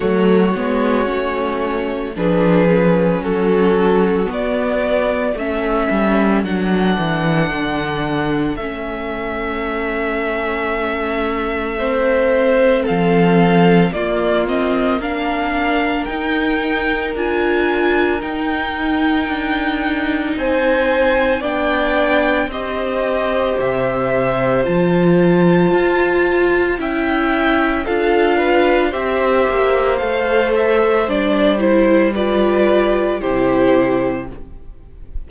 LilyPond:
<<
  \new Staff \with { instrumentName = "violin" } { \time 4/4 \tempo 4 = 56 cis''2 b'4 a'4 | d''4 e''4 fis''2 | e''1 | f''4 d''8 dis''8 f''4 g''4 |
gis''4 g''2 gis''4 | g''4 dis''4 e''4 a''4~ | a''4 g''4 f''4 e''4 | f''8 e''8 d''8 c''8 d''4 c''4 | }
  \new Staff \with { instrumentName = "violin" } { \time 4/4 fis'2 gis'4 fis'4~ | fis'4 a'2.~ | a'2. c''4 | a'4 f'4 ais'2~ |
ais'2. c''4 | d''4 c''2.~ | c''4 e''4 a'8 b'8 c''4~ | c''2 b'4 g'4 | }
  \new Staff \with { instrumentName = "viola" } { \time 4/4 a8 b8 cis'4 d'8 cis'4. | b4 cis'4 d'2 | cis'2. c'4~ | c'4 ais8 c'8 d'4 dis'4 |
f'4 dis'2. | d'4 g'2 f'4~ | f'4 e'4 f'4 g'4 | a'4 d'8 e'8 f'4 e'4 | }
  \new Staff \with { instrumentName = "cello" } { \time 4/4 fis8 gis8 a4 f4 fis4 | b4 a8 g8 fis8 e8 d4 | a1 | f4 ais2 dis'4 |
d'4 dis'4 d'4 c'4 | b4 c'4 c4 f4 | f'4 cis'4 d'4 c'8 ais8 | a4 g2 c4 | }
>>